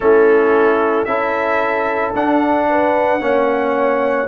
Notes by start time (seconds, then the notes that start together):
0.00 A3 C#4 E4 A4
1.04 C#4 E4 A4 E5
2.14 D4 F#5
2.69 B4
3.20 A#3 C#4 C#5